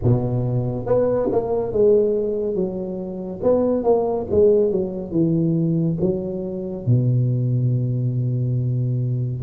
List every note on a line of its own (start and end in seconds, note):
0.03 0.86 B2
0.86 1.29 B3
1.31 1.72 A#3
1.72 2.54 G#3
2.54 3.40 F#3
3.42 3.83 B3
3.83 4.26 A#3
4.31 4.71 G#3
4.71 5.11 F#3
5.11 5.96 E3
6.00 6.86 F#3
6.86 9.42 B2